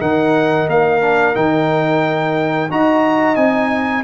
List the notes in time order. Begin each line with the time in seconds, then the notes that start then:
0.00 D#3 D#4 A#4 F#5
0.67 A#3 F5
1.01 D4
1.34 D#3 D#4 G5
2.71 D#4 F#4 D#5 A#5
3.36 C4 D#4 G#5